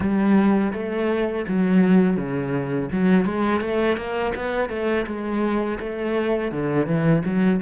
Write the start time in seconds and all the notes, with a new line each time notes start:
0.00 G3
0.73 A3
1.48 F#3
2.17 C#3
2.91 F#3
3.25 G#3
3.60 A3
3.97 A#3
4.35 B3
4.69 A3
5.06 G#3
5.79 A3
6.51 D3
6.86 E3
7.25 F#3